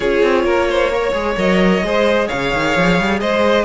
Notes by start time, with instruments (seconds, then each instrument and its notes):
0.00 cello C#4, viola F4, violin G#4 C#5
0.22 cello C4
0.44 cello A#3, violin A#4
0.69 violin C5
0.92 viola A#4, violin C#5
1.12 cello G#3, viola G#4
1.37 cello F#3, viola A#4, violin D#5
1.82 cello G#3, viola G#4, violin C5
2.27 cello C#3, violin C#5 F5
2.53 cello D#3
2.76 cello F3
2.99 cello G3
3.20 cello G#3, violin C5 D#5